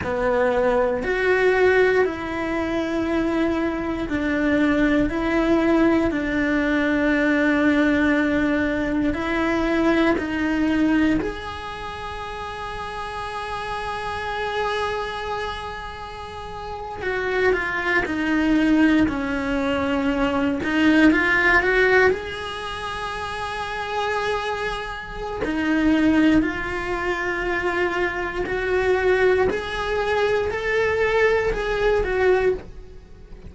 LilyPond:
\new Staff \with { instrumentName = "cello" } { \time 4/4 \tempo 4 = 59 b4 fis'4 e'2 | d'4 e'4 d'2~ | d'4 e'4 dis'4 gis'4~ | gis'1~ |
gis'8. fis'8 f'8 dis'4 cis'4~ cis'16~ | cis'16 dis'8 f'8 fis'8 gis'2~ gis'16~ | gis'4 dis'4 f'2 | fis'4 gis'4 a'4 gis'8 fis'8 | }